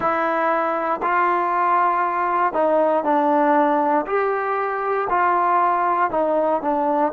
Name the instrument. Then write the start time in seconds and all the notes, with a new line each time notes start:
trombone
0.00 E4
1.02 F4
2.53 D#4
3.04 D4
4.06 G4
5.09 F4
6.10 D#4
6.61 D4